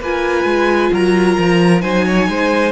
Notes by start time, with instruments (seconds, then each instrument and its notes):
0.00 cello A#3, viola F4, violin B4 G#5
0.44 cello G#3
0.91 cello F#3, violin A#4 A#5
1.37 cello F3
1.81 cello F#3, viola D#4, violin C5 G#5
2.05 violin C#5
2.28 cello G#3, violin C5